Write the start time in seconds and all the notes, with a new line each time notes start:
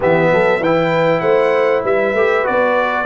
0.00 E3 B3 G4 E5
0.31 F#3 A4
0.59 E3 E4 B4 G5
1.20 A3 C5 F#5
1.83 G3 B4 E5
2.13 A3 G4
2.43 B3 F#4 D5